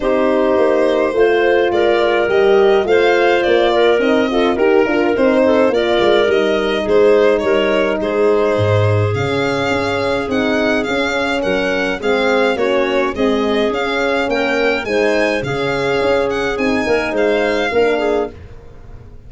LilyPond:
<<
  \new Staff \with { instrumentName = "violin" } { \time 4/4 \tempo 4 = 105 c''2. d''4 | dis''4 f''4 d''4 dis''4 | ais'4 c''4 d''4 dis''4 | c''4 cis''4 c''2 |
f''2 fis''4 f''4 | fis''4 f''4 cis''4 dis''4 | f''4 g''4 gis''4 f''4~ | f''8 fis''8 gis''4 f''2 | }
  \new Staff \with { instrumentName = "clarinet" } { \time 4/4 g'2 c''4 ais'4~ | ais'4 c''4. ais'4 a'8 | ais'4. a'8 ais'2 | gis'4 ais'4 gis'2~ |
gis'1 | ais'4 gis'4 fis'4 gis'4~ | gis'4 ais'4 c''4 gis'4~ | gis'4. ais'8 c''4 ais'8 gis'8 | }
  \new Staff \with { instrumentName = "horn" } { \time 4/4 dis'2 f'2 | g'4 f'2 dis'8 f'8 | g'8 f'8 dis'4 f'4 dis'4~ | dis'1 |
cis'2 dis'4 cis'4~ | cis'4 c'4 cis'4 gis4 | cis'2 dis'4 cis'4~ | cis'4 dis'2 d'4 | }
  \new Staff \with { instrumentName = "tuba" } { \time 4/4 c'4 ais4 a4 gis4 | g4 a4 ais4 c'4 | dis'8 d'8 c'4 ais8 gis8 g4 | gis4 g4 gis4 gis,4 |
cis4 cis'4 c'4 cis'4 | fis4 gis4 ais4 c'4 | cis'4 ais4 gis4 cis4 | cis'4 c'8 ais8 gis4 ais4 | }
>>